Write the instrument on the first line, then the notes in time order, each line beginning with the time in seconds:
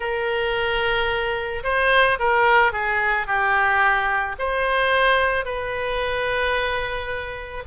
oboe
0.00 A#4
1.63 C5
2.19 A#4
2.72 G#4
3.26 G4
4.38 C5
5.45 B4